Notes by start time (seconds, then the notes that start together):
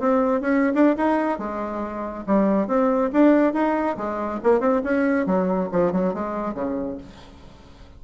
0.00 C4
0.41 C#4
0.75 D4
0.98 D#4
1.39 G#3
2.27 G3
2.68 C4
3.13 D4
3.54 D#4
3.98 G#3
4.44 A#3
4.60 C4
4.84 C#4
5.27 F#3
5.72 F3
5.93 F#3
6.14 G#3
6.55 C#3